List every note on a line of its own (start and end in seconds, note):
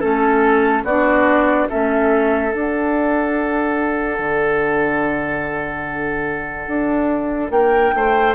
0.00 0.84 A3
0.00 0.85 C#4
0.00 0.83 A4
0.00 0.84 A4
0.84 1.68 B3
0.84 1.69 D4
0.84 1.68 F#4
0.84 1.69 D5
1.69 2.55 A3
1.69 2.52 C#4
1.69 7.53 A4
1.69 2.53 E5
2.52 8.35 D4
2.52 4.19 D4
2.52 7.51 F#5
4.19 6.68 D3
6.68 7.51 D4
7.51 7.93 A#3
7.51 7.95 A#4
7.51 8.34 G5
7.95 8.35 A3
7.95 8.35 C5